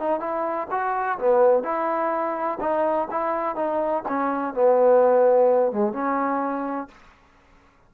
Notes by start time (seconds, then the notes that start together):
0.00 D#4
0.20 E4
0.71 F#4
1.19 B3
1.64 E4
2.61 D#4
3.11 E4
3.56 D#4
4.09 C#4
4.54 B3
5.72 G#3
5.93 C#4